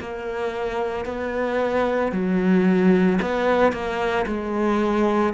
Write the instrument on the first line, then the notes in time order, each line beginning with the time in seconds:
cello
0.00 A#3
1.05 B3
2.12 F#3
3.22 B3
3.72 A#3
4.26 G#3